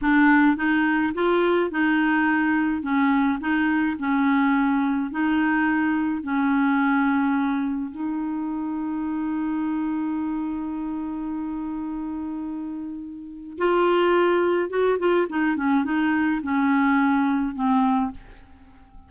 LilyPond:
\new Staff \with { instrumentName = "clarinet" } { \time 4/4 \tempo 4 = 106 d'4 dis'4 f'4 dis'4~ | dis'4 cis'4 dis'4 cis'4~ | cis'4 dis'2 cis'4~ | cis'2 dis'2~ |
dis'1~ | dis'1 | f'2 fis'8 f'8 dis'8 cis'8 | dis'4 cis'2 c'4 | }